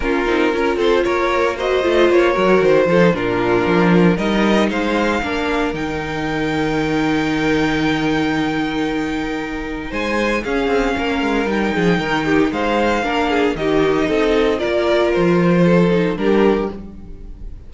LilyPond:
<<
  \new Staff \with { instrumentName = "violin" } { \time 4/4 \tempo 4 = 115 ais'4. c''8 cis''4 dis''4 | cis''4 c''4 ais'2 | dis''4 f''2 g''4~ | g''1~ |
g''2. gis''4 | f''2 g''2 | f''2 dis''2 | d''4 c''2 ais'4 | }
  \new Staff \with { instrumentName = "violin" } { \time 4/4 f'4 ais'8 a'8 ais'4 c''4~ | c''8 ais'4 a'8 f'2 | ais'4 c''4 ais'2~ | ais'1~ |
ais'2. c''4 | gis'4 ais'4. gis'8 ais'8 g'8 | c''4 ais'8 gis'8 g'4 a'4 | ais'2 a'4 g'4 | }
  \new Staff \with { instrumentName = "viola" } { \time 4/4 cis'8 dis'8 f'2 fis'8 f'8~ | f'8 fis'4 f'16 dis'16 d'2 | dis'2 d'4 dis'4~ | dis'1~ |
dis'1 | cis'2 dis'2~ | dis'4 d'4 dis'2 | f'2~ f'8 dis'8 d'4 | }
  \new Staff \with { instrumentName = "cello" } { \time 4/4 ais8 c'8 cis'8 c'8 ais4. a8 | ais8 fis8 dis8 f8 ais,4 f4 | g4 gis4 ais4 dis4~ | dis1~ |
dis2. gis4 | cis'8 c'8 ais8 gis8 g8 f8 dis4 | gis4 ais4 dis4 c'4 | ais4 f2 g4 | }
>>